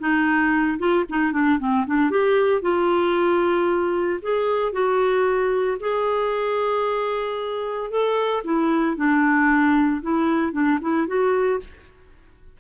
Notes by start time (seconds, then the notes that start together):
0.00 D#4
0.79 F4
1.10 D#4
1.33 D4
1.60 C4
1.87 D4
2.11 G4
2.62 F4
4.22 G#4
4.73 F#4
5.81 G#4
7.91 A4
8.45 E4
8.97 D4
10.03 E4
10.53 D4
10.82 E4
11.08 F#4